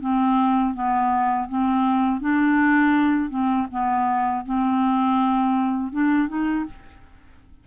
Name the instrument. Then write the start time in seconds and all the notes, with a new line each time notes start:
clarinet
0.00 C4
0.74 B3
1.48 C4
2.21 D4
3.30 C4
3.71 B3
4.45 C4
5.92 D4
6.28 D#4